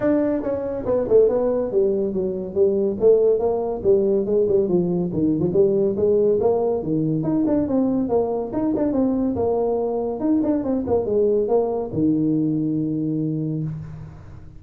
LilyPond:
\new Staff \with { instrumentName = "tuba" } { \time 4/4 \tempo 4 = 141 d'4 cis'4 b8 a8 b4 | g4 fis4 g4 a4 | ais4 g4 gis8 g8 f4 | dis8. f16 g4 gis4 ais4 |
dis4 dis'8 d'8 c'4 ais4 | dis'8 d'8 c'4 ais2 | dis'8 d'8 c'8 ais8 gis4 ais4 | dis1 | }